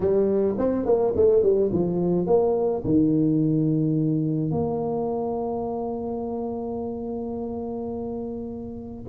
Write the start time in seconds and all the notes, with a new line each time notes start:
0.00 G3
0.58 C4
0.85 A#3
1.16 A3
1.43 G3
1.72 F3
2.26 A#3
2.84 D#3
4.51 A#3